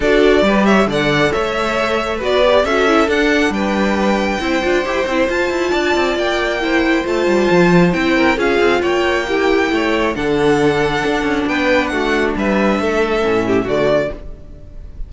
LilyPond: <<
  \new Staff \with { instrumentName = "violin" } { \time 4/4 \tempo 4 = 136 d''4. e''8 fis''4 e''4~ | e''4 d''4 e''4 fis''4 | g''1 | a''2 g''2 |
a''2 g''4 f''4 | g''2. fis''4~ | fis''2 g''4 fis''4 | e''2. d''4 | }
  \new Staff \with { instrumentName = "violin" } { \time 4/4 a'4 b'8 cis''8 d''4 cis''4~ | cis''4 b'4 a'2 | b'2 c''2~ | c''4 d''2 c''4~ |
c''2~ c''8 ais'8 gis'4 | cis''4 g'4 cis''4 a'4~ | a'2 b'4 fis'4 | b'4 a'4. g'8 fis'4 | }
  \new Staff \with { instrumentName = "viola" } { \time 4/4 fis'4 g'4 a'2~ | a'4 fis'8 g'8 fis'8 e'8 d'4~ | d'2 e'8 f'8 g'8 e'8 | f'2. e'4 |
f'2 e'4 f'4~ | f'4 e'2 d'4~ | d'1~ | d'2 cis'4 a4 | }
  \new Staff \with { instrumentName = "cello" } { \time 4/4 d'4 g4 d4 a4~ | a4 b4 cis'4 d'4 | g2 c'8 d'8 e'8 c'8 | f'8 e'8 d'8 c'8 ais2 |
a8 g8 f4 c'4 cis'8 c'8 | ais2 a4 d4~ | d4 d'8 cis'8 b4 a4 | g4 a4 a,4 d4 | }
>>